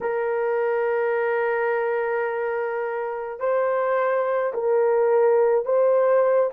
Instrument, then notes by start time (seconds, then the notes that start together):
horn
0.01 A#4
3.39 C5
4.53 A#4
5.65 C5